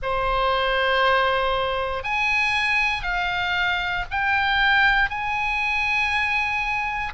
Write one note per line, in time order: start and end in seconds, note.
0.02 2.03 C5
2.03 3.02 G#5
3.02 4.04 F5
4.10 5.09 G5
5.09 7.12 G#5